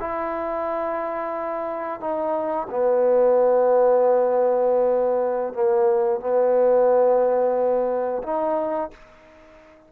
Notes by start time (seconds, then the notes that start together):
0.00 E4
2.00 D#4
2.70 B3
5.54 A#3
6.21 B3
8.24 D#4